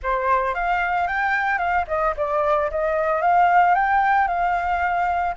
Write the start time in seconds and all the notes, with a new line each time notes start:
0.02 C5
0.54 F5
1.07 G5
1.58 F5
1.87 D#5
2.16 D5
2.70 D#5
3.21 F5
3.75 G5
4.27 F5